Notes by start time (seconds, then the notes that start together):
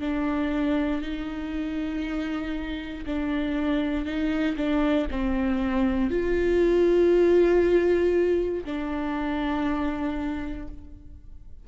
0.00 D4
1.02 D#4
3.06 D4
4.05 D#4
4.57 D4
5.11 C4
6.10 F4
8.64 D4